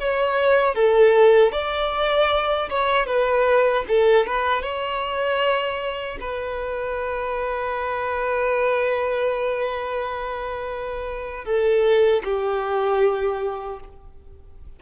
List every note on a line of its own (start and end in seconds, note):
0.00 0.75 C#5
0.75 1.53 A4
1.53 2.70 D5
2.70 3.07 C#5
3.07 3.85 B4
3.89 4.27 A4
4.27 4.63 B4
4.63 6.18 C#5
6.21 11.45 B4
11.45 12.23 A4
12.24 13.80 G4